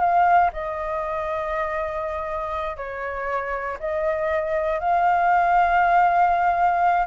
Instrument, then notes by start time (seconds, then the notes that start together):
flute
0.00 F5
0.53 D#5
2.77 C#5
3.80 D#5
4.80 F5